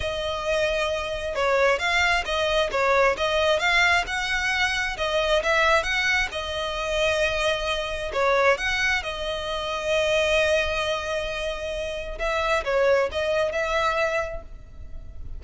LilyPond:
\new Staff \with { instrumentName = "violin" } { \time 4/4 \tempo 4 = 133 dis''2. cis''4 | f''4 dis''4 cis''4 dis''4 | f''4 fis''2 dis''4 | e''4 fis''4 dis''2~ |
dis''2 cis''4 fis''4 | dis''1~ | dis''2. e''4 | cis''4 dis''4 e''2 | }